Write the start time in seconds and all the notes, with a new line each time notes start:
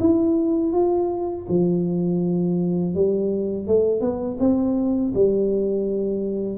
0.00 E4
0.73 F4
1.49 F3
2.95 G3
3.67 A3
4.01 B3
4.40 C4
5.15 G3